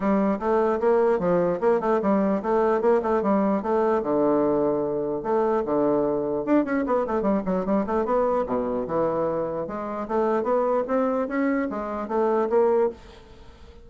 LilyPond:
\new Staff \with { instrumentName = "bassoon" } { \time 4/4 \tempo 4 = 149 g4 a4 ais4 f4 | ais8 a8 g4 a4 ais8 a8 | g4 a4 d2~ | d4 a4 d2 |
d'8 cis'8 b8 a8 g8 fis8 g8 a8 | b4 b,4 e2 | gis4 a4 b4 c'4 | cis'4 gis4 a4 ais4 | }